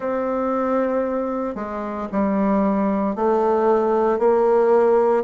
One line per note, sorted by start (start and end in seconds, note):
0.00 1.55 C4
1.55 2.08 G#3
2.11 3.15 G3
3.15 4.18 A3
4.18 5.23 A#3